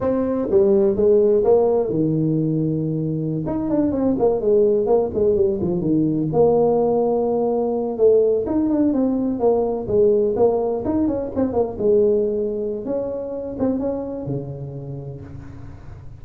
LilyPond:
\new Staff \with { instrumentName = "tuba" } { \time 4/4 \tempo 4 = 126 c'4 g4 gis4 ais4 | dis2.~ dis16 dis'8 d'16~ | d'16 c'8 ais8 gis4 ais8 gis8 g8 f16~ | f16 dis4 ais2~ ais8.~ |
ais8. a4 dis'8 d'8 c'4 ais16~ | ais8. gis4 ais4 dis'8 cis'8 c'16~ | c'16 ais8 gis2~ gis16 cis'4~ | cis'8 c'8 cis'4 cis2 | }